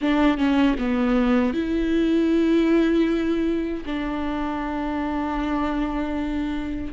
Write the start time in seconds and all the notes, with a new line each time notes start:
0.01 D4
0.37 C#4
0.78 B3
1.53 E4
3.85 D4